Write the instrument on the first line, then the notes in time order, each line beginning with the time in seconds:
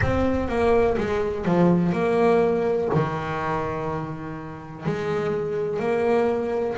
double bass
0.01 C4
0.48 A#3
0.97 G#3
1.45 F3
1.92 A#3
2.93 D#3
4.85 G#3
5.79 A#3